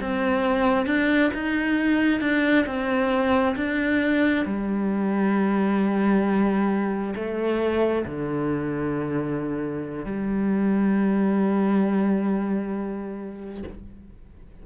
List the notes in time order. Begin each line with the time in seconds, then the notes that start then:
0.00 C4
0.86 D4
1.34 D#4
2.20 D4
2.66 C4
3.56 D4
4.45 G3
7.15 A3
8.05 D3
10.05 G3